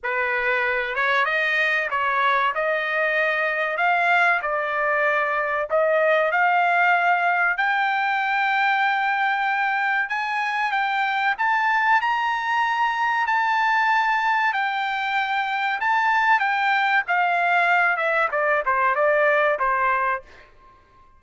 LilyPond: \new Staff \with { instrumentName = "trumpet" } { \time 4/4 \tempo 4 = 95 b'4. cis''8 dis''4 cis''4 | dis''2 f''4 d''4~ | d''4 dis''4 f''2 | g''1 |
gis''4 g''4 a''4 ais''4~ | ais''4 a''2 g''4~ | g''4 a''4 g''4 f''4~ | f''8 e''8 d''8 c''8 d''4 c''4 | }